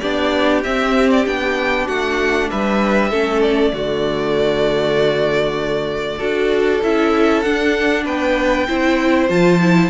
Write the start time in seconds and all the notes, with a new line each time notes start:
0.00 B3 D4 G4 D5
0.64 C4 E5
1.11 D5
1.26 B3 D4 G5
1.86 A3 F#4 F#5
2.51 G3 B4 E5
3.10 A3 C#4 A4
3.42 D5
3.73 D3 A3 F#4
6.18 D4 F#4 A4
6.84 C#4 E4 E5
7.43 D4 F#5
8.05 B3 B4 G5
8.68 C4 E4 C5
9.29 F3 F4 A5
9.61 E4